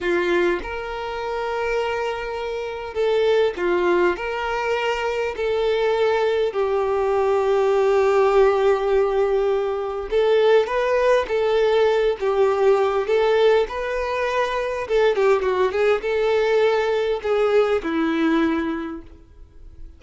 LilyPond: \new Staff \with { instrumentName = "violin" } { \time 4/4 \tempo 4 = 101 f'4 ais'2.~ | ais'4 a'4 f'4 ais'4~ | ais'4 a'2 g'4~ | g'1~ |
g'4 a'4 b'4 a'4~ | a'8 g'4. a'4 b'4~ | b'4 a'8 g'8 fis'8 gis'8 a'4~ | a'4 gis'4 e'2 | }